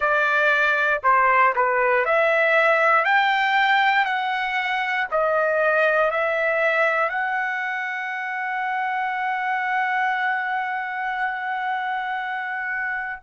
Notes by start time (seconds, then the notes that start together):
0.00 D5
1.03 C5
1.55 B4
2.05 E5
3.04 G5
4.05 F#5
5.11 D#5
6.10 E5
7.09 F#5